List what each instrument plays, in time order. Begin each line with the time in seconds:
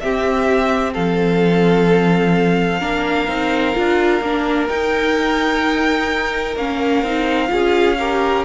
0.00 viola C4, cello C4, violin G4 E5
0.94 cello F3, violin A4 F5
2.80 cello A#3, viola D4, violin A#4
3.28 cello C4, viola D#4
3.74 cello D4, viola F4
4.21 cello A#3, viola D4
4.68 viola D#4, cello D#4, violin G5
6.56 cello A#3, viola C#4, violin F5
7.03 cello C4, viola D#4
7.48 cello C#4, viola F4, violin G#4
7.99 viola G4, violin A#4